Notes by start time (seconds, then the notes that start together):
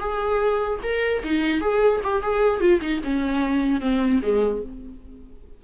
0.00 G#4
0.83 A#4
1.24 D#4
1.61 G#4
2.04 G4
2.23 G#4
2.61 F4
2.82 D#4
3.04 C#4
3.81 C4
4.23 G#3